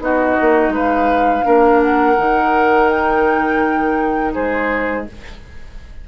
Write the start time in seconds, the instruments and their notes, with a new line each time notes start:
0.00 bassoon B3, clarinet D#4, oboe F#4, flute D#5
0.41 bassoon A#3
0.69 bassoon G#3, oboe B4, flute F5
1.44 bassoon A#3, clarinet D4, oboe A#4
1.81 flute F#5
2.18 bassoon D#3, clarinet D#4
2.89 flute G5
4.34 bassoon G#3, oboe G#4, flute C5